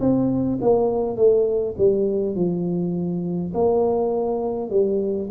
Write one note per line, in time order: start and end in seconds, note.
0.00 0.59 C4
0.61 1.17 A#3
1.17 1.75 A3
1.78 2.35 G3
2.35 3.53 F3
3.54 4.70 A#3
4.70 5.29 G3